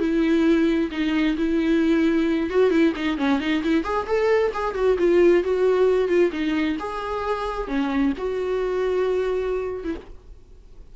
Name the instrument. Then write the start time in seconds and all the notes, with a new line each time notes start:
viola
0.00 E4
0.92 D#4
1.37 E4
2.50 F#4
2.71 E4
2.96 D#4
3.18 C#4
3.40 D#4
3.64 E4
3.84 G#4
4.07 A4
4.54 G#4
4.75 F#4
4.99 F4
5.44 F#4
6.09 F4
6.32 D#4
6.80 G#4
7.68 C#4
8.18 F#4
9.84 E4